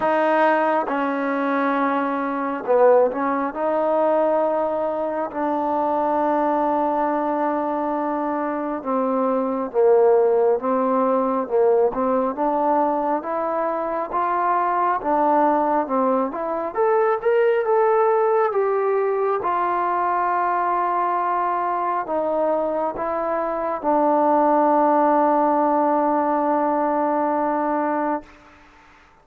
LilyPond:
\new Staff \with { instrumentName = "trombone" } { \time 4/4 \tempo 4 = 68 dis'4 cis'2 b8 cis'8 | dis'2 d'2~ | d'2 c'4 ais4 | c'4 ais8 c'8 d'4 e'4 |
f'4 d'4 c'8 e'8 a'8 ais'8 | a'4 g'4 f'2~ | f'4 dis'4 e'4 d'4~ | d'1 | }